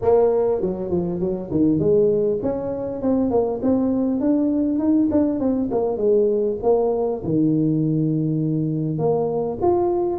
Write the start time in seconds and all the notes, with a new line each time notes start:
0.01 A#3
0.61 F#3
0.89 F3
1.20 F#3
1.51 D#3
1.79 G#3
2.42 C#4
3.01 C4
3.30 A#3
3.62 C4
4.20 D4
4.78 D#4
5.11 D4
5.39 C4
5.71 A#3
5.97 G#3
6.62 A#3
7.24 D#3
8.98 A#3
9.61 F4